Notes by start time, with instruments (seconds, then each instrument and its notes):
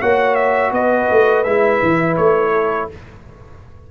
0.00 tuba A#3, trombone F#4, horn C#5, trumpet F#5
0.35 trumpet E5
0.71 tuba B3, horn B4, trumpet D#5
1.10 tuba A3
1.43 tuba G#3, trombone E4, trumpet E5
1.82 tuba E3
2.16 tuba A3, trumpet C#5
2.52 horn A4